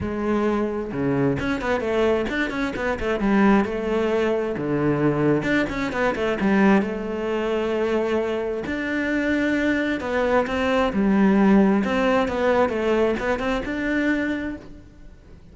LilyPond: \new Staff \with { instrumentName = "cello" } { \time 4/4 \tempo 4 = 132 gis2 cis4 cis'8 b8 | a4 d'8 cis'8 b8 a8 g4 | a2 d2 | d'8 cis'8 b8 a8 g4 a4~ |
a2. d'4~ | d'2 b4 c'4 | g2 c'4 b4 | a4 b8 c'8 d'2 | }